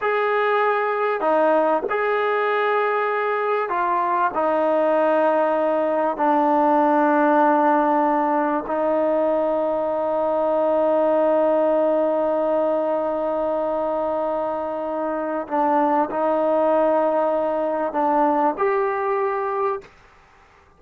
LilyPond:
\new Staff \with { instrumentName = "trombone" } { \time 4/4 \tempo 4 = 97 gis'2 dis'4 gis'4~ | gis'2 f'4 dis'4~ | dis'2 d'2~ | d'2 dis'2~ |
dis'1~ | dis'1~ | dis'4 d'4 dis'2~ | dis'4 d'4 g'2 | }